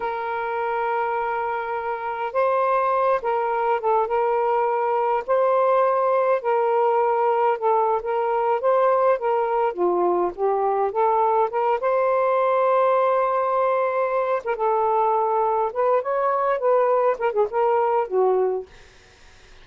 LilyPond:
\new Staff \with { instrumentName = "saxophone" } { \time 4/4 \tempo 4 = 103 ais'1 | c''4. ais'4 a'8 ais'4~ | ais'4 c''2 ais'4~ | ais'4 a'8. ais'4 c''4 ais'16~ |
ais'8. f'4 g'4 a'4 ais'16~ | ais'16 c''2.~ c''8.~ | c''8. ais'16 a'2 b'8 cis''8~ | cis''8 b'4 ais'16 gis'16 ais'4 fis'4 | }